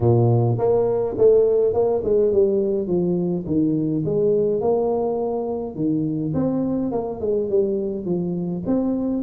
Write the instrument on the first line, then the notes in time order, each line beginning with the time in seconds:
tuba
0.00 A#2
0.58 A#3
1.17 A3
1.73 A#3
2.04 G#3
2.32 G3
2.87 F3
3.46 D#3
4.05 G#3
4.60 A#3
5.75 D#3
6.34 C4
6.91 A#3
7.20 G#3
7.49 G3
8.05 F3
8.66 C4